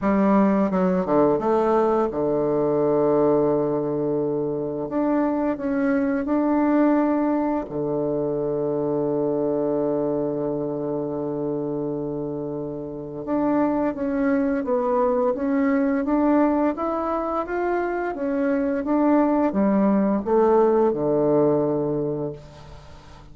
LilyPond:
\new Staff \with { instrumentName = "bassoon" } { \time 4/4 \tempo 4 = 86 g4 fis8 d8 a4 d4~ | d2. d'4 | cis'4 d'2 d4~ | d1~ |
d2. d'4 | cis'4 b4 cis'4 d'4 | e'4 f'4 cis'4 d'4 | g4 a4 d2 | }